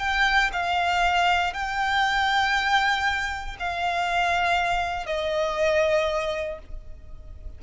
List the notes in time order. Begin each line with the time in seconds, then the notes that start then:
0.00 G5
0.53 F5
1.53 G5
3.60 F5
5.07 D#5